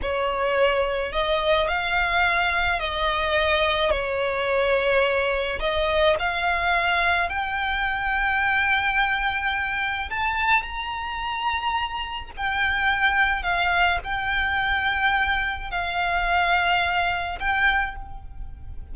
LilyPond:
\new Staff \with { instrumentName = "violin" } { \time 4/4 \tempo 4 = 107 cis''2 dis''4 f''4~ | f''4 dis''2 cis''4~ | cis''2 dis''4 f''4~ | f''4 g''2.~ |
g''2 a''4 ais''4~ | ais''2 g''2 | f''4 g''2. | f''2. g''4 | }